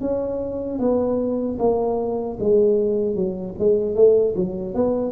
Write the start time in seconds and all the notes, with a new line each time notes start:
0.00 C#4
0.79 B3
1.59 A#3
2.39 G#3
3.15 F#3
3.58 G#3
3.95 A3
4.35 F#3
4.74 B3